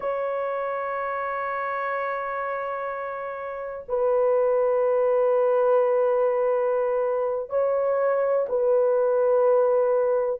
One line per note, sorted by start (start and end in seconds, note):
0.00 3.84 C#5
3.88 7.49 B4
7.49 8.46 C#5
8.49 10.40 B4